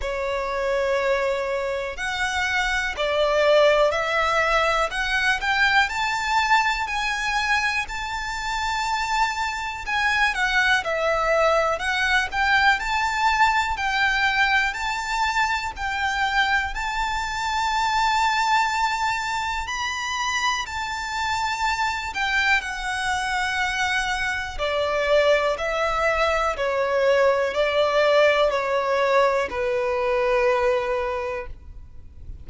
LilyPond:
\new Staff \with { instrumentName = "violin" } { \time 4/4 \tempo 4 = 61 cis''2 fis''4 d''4 | e''4 fis''8 g''8 a''4 gis''4 | a''2 gis''8 fis''8 e''4 | fis''8 g''8 a''4 g''4 a''4 |
g''4 a''2. | b''4 a''4. g''8 fis''4~ | fis''4 d''4 e''4 cis''4 | d''4 cis''4 b'2 | }